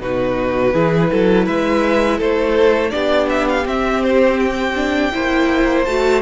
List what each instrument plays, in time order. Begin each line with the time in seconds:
0.00 cello B2, viola D#4, violin F#4 B4
0.73 cello E3, viola E4, violin G#4
1.11 cello F#3, violin A4
1.46 cello G#3, violin B4 E5
2.18 cello A3, violin A4 C5
2.90 cello B3, viola D4, violin G4 D5
3.29 violin E5
3.48 violin F5
3.64 viola C4, cello C4, violin E5
4.03 violin C5
4.39 violin G5
4.75 viola D4
5.12 cello A#3, viola E4, violin C5
5.84 cello A3, viola F#4, violin A5